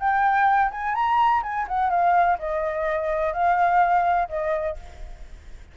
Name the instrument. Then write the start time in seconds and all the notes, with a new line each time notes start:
flute
0.00 G5
0.72 G#5
0.95 A#5
1.43 G#5
1.68 F#5
1.91 F5
2.39 D#5
3.34 F5
4.29 D#5